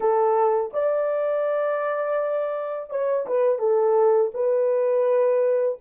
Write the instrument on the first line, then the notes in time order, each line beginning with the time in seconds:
horn
0.00 A4
0.73 D5
2.90 C#5
3.27 B4
3.58 A4
4.33 B4